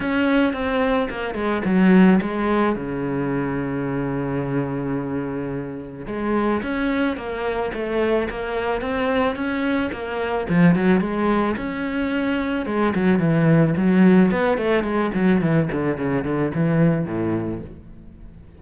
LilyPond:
\new Staff \with { instrumentName = "cello" } { \time 4/4 \tempo 4 = 109 cis'4 c'4 ais8 gis8 fis4 | gis4 cis2.~ | cis2. gis4 | cis'4 ais4 a4 ais4 |
c'4 cis'4 ais4 f8 fis8 | gis4 cis'2 gis8 fis8 | e4 fis4 b8 a8 gis8 fis8 | e8 d8 cis8 d8 e4 a,4 | }